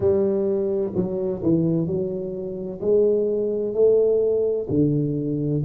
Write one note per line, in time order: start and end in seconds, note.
0.00 0.92 G3
0.95 1.42 F#3
1.43 1.86 E3
1.86 2.80 F#3
2.80 3.74 G#3
3.74 4.67 A3
4.69 5.63 D3